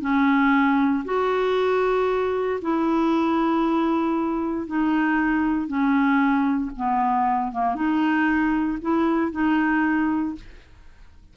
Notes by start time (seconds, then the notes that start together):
0.00 C#4
1.04 F#4
2.61 E4
4.66 D#4
5.67 C#4
6.76 B3
7.52 A#3
7.75 D#4
8.81 E4
9.31 D#4